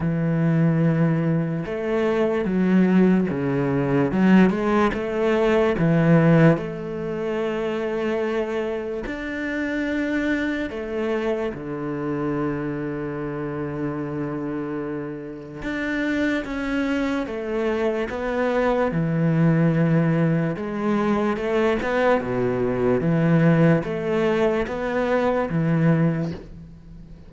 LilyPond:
\new Staff \with { instrumentName = "cello" } { \time 4/4 \tempo 4 = 73 e2 a4 fis4 | cis4 fis8 gis8 a4 e4 | a2. d'4~ | d'4 a4 d2~ |
d2. d'4 | cis'4 a4 b4 e4~ | e4 gis4 a8 b8 b,4 | e4 a4 b4 e4 | }